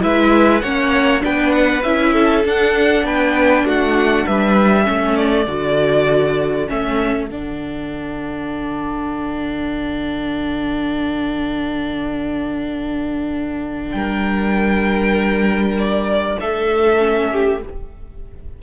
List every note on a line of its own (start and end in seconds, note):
0.00 0.63 G#3
0.00 0.61 E4
0.00 0.62 B4
0.00 0.60 E5
0.60 1.23 A#3
0.60 1.21 C#4
0.60 1.23 C#5
0.60 1.20 F#5
1.21 1.84 B3
1.21 1.81 D4
1.21 2.13 B4
1.21 1.52 G5
1.52 1.82 F#5
1.82 2.44 C#4
1.82 2.44 E4
1.82 2.43 E5
2.13 3.04 A4
2.44 3.03 D4
2.44 4.83 D4
2.44 3.06 F#5
3.03 3.64 B3
3.03 3.66 B4
3.03 3.66 G5
3.64 4.25 A3
3.64 4.26 F#4
3.64 4.26 F#5
4.26 4.88 G3
4.26 4.83 B4
4.26 5.16 E5
4.83 5.47 A3
4.83 5.44 C#4
4.83 13.92 A4
5.16 6.68 D5
5.47 6.68 D3
5.47 6.67 F#4
6.67 7.30 A3
6.67 7.28 C#4
6.67 7.28 E5
7.28 13.94 D3
7.28 16.98 D4
7.28 13.92 F#5
13.92 16.37 G3
13.92 16.38 A#4
13.92 15.73 G5
15.78 16.39 D5
16.40 17.62 A3
16.40 17.31 A4
16.40 17.61 E5
16.98 17.59 C#4
17.31 17.61 G4